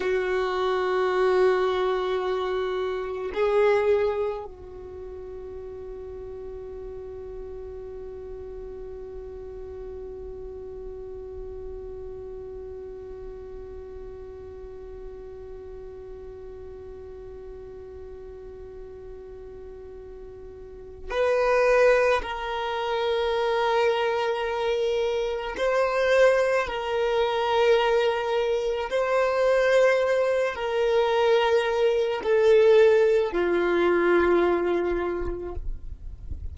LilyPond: \new Staff \with { instrumentName = "violin" } { \time 4/4 \tempo 4 = 54 fis'2. gis'4 | fis'1~ | fis'1~ | fis'1~ |
fis'2. b'4 | ais'2. c''4 | ais'2 c''4. ais'8~ | ais'4 a'4 f'2 | }